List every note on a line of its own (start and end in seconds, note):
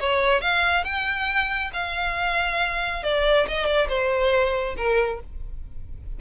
0.00 0.41 C#5
0.41 0.84 F5
0.84 1.71 G5
1.73 3.03 F5
3.03 3.47 D5
3.48 3.66 D#5
3.66 3.87 D5
3.88 4.75 C5
4.76 5.20 A#4